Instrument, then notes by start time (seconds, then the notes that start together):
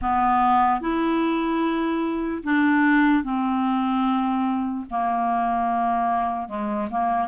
clarinet
0.01 B3
0.80 E4
2.43 D4
3.23 C4
4.90 A#3
6.48 G#3
6.90 A#3